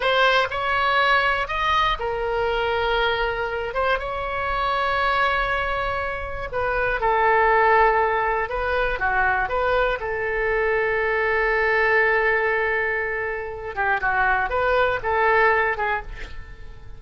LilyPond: \new Staff \with { instrumentName = "oboe" } { \time 4/4 \tempo 4 = 120 c''4 cis''2 dis''4 | ais'2.~ ais'8 c''8 | cis''1~ | cis''4 b'4 a'2~ |
a'4 b'4 fis'4 b'4 | a'1~ | a'2.~ a'8 g'8 | fis'4 b'4 a'4. gis'8 | }